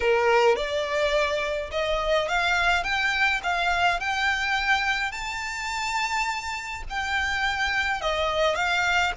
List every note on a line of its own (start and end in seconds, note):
0.00 0.56 A#4
0.56 1.70 D5
1.71 2.28 D#5
2.28 2.83 F5
2.83 3.41 G5
3.43 4.00 F5
4.00 5.11 G5
5.11 6.83 A5
6.89 8.01 G5
8.01 8.55 D#5
8.55 9.12 F5